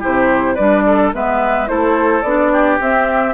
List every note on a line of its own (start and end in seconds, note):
0.00 0.59 C3
0.00 0.56 E4
0.00 0.55 G4
0.00 0.56 C5
0.55 1.14 G3
0.55 1.14 D4
0.55 0.82 B4
0.55 1.12 D5
0.87 1.14 A4
1.14 1.69 G#3
1.14 1.67 B3
1.14 1.70 B4
1.14 1.68 E5
1.67 2.23 A3
1.67 2.23 E4
1.67 2.53 A4
1.67 2.22 C5
2.22 2.79 B3
2.22 2.80 D4
2.22 2.78 D5
2.53 3.34 G4
2.80 3.34 C4
2.80 3.34 E5